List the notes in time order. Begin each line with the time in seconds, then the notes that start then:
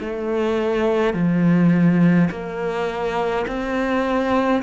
0.00 A3
1.14 F3
2.30 A#3
3.47 C4